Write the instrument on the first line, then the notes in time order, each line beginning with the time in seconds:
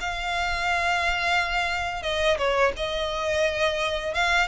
violin
0.00 F5
2.02 D#5
2.38 C#5
2.76 D#5
4.14 F5